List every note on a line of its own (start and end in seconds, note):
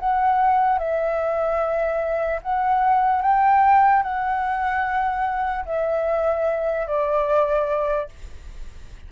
0.00 0.79 F#5
0.79 2.41 E5
2.43 3.22 F#5
3.22 4.03 G5
4.03 5.65 F#5
5.66 6.87 E5
6.87 8.09 D5